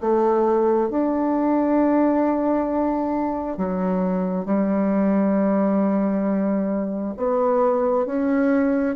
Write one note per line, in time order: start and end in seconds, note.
0.00 0.90 A3
0.90 3.57 D4
3.57 4.45 F#3
4.45 7.14 G3
7.17 8.06 B3
8.06 8.96 C#4